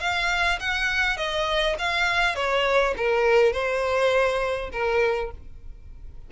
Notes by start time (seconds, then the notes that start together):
0.00 F5
0.60 F#5
1.17 D#5
1.79 F5
2.36 C#5
2.97 A#4
3.52 C5
4.72 A#4